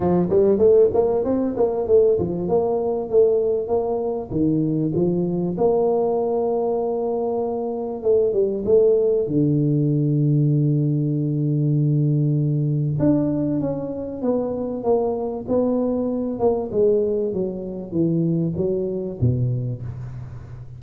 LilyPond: \new Staff \with { instrumentName = "tuba" } { \time 4/4 \tempo 4 = 97 f8 g8 a8 ais8 c'8 ais8 a8 f8 | ais4 a4 ais4 dis4 | f4 ais2.~ | ais4 a8 g8 a4 d4~ |
d1~ | d4 d'4 cis'4 b4 | ais4 b4. ais8 gis4 | fis4 e4 fis4 b,4 | }